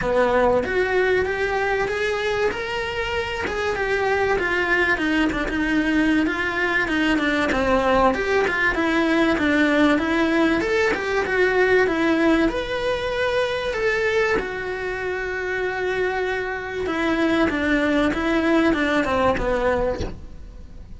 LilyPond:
\new Staff \with { instrumentName = "cello" } { \time 4/4 \tempo 4 = 96 b4 fis'4 g'4 gis'4 | ais'4. gis'8 g'4 f'4 | dis'8 d'16 dis'4~ dis'16 f'4 dis'8 d'8 | c'4 g'8 f'8 e'4 d'4 |
e'4 a'8 g'8 fis'4 e'4 | b'2 a'4 fis'4~ | fis'2. e'4 | d'4 e'4 d'8 c'8 b4 | }